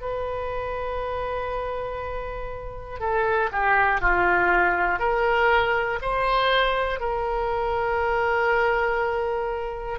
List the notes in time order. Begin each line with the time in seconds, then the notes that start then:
0.00 B4
2.99 A4
3.51 G4
4.00 F4
4.99 A#4
6.01 C5
7.00 A#4